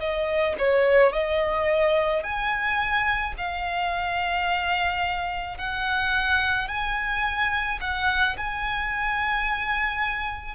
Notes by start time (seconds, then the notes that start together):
0.00 D#5
0.59 C#5
1.13 D#5
2.23 G#5
3.38 F5
5.58 F#5
6.68 G#5
7.81 F#5
8.37 G#5